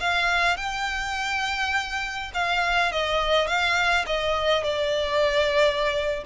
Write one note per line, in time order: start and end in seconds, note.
0.00 0.57 F5
0.57 2.31 G5
2.34 2.92 F5
2.92 3.47 D#5
3.47 4.05 F5
4.06 4.64 D#5
4.64 6.24 D5